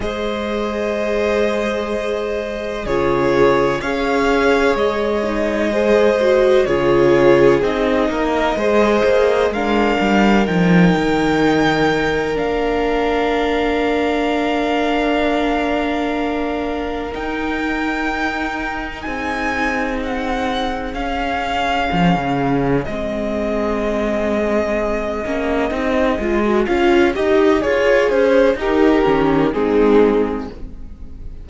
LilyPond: <<
  \new Staff \with { instrumentName = "violin" } { \time 4/4 \tempo 4 = 63 dis''2. cis''4 | f''4 dis''2 cis''4 | dis''2 f''4 g''4~ | g''4 f''2.~ |
f''2 g''2 | gis''4 fis''4 f''2 | dis''1 | f''8 dis''8 cis''8 c''8 ais'4 gis'4 | }
  \new Staff \with { instrumentName = "violin" } { \time 4/4 c''2. gis'4 | cis''2 c''4 gis'4~ | gis'8 ais'8 c''4 ais'2~ | ais'1~ |
ais'1 | gis'1~ | gis'1~ | gis'2 g'4 dis'4 | }
  \new Staff \with { instrumentName = "viola" } { \time 4/4 gis'2. f'4 | gis'4. dis'8 gis'8 fis'8 f'4 | dis'4 gis'4 d'4 dis'4~ | dis'4 d'2.~ |
d'2 dis'2~ | dis'2 cis'2 | c'2~ c'8 cis'8 dis'8 f'16 fis'16 | f'8 g'8 gis'4 dis'8 cis'8 c'4 | }
  \new Staff \with { instrumentName = "cello" } { \time 4/4 gis2. cis4 | cis'4 gis2 cis4 | c'8 ais8 gis8 ais8 gis8 g8 f8 dis8~ | dis4 ais2.~ |
ais2 dis'2 | c'2 cis'4 f16 cis8. | gis2~ gis8 ais8 c'8 gis8 | cis'8 dis'8 f'8 cis'8 dis'8 dis8 gis4 | }
>>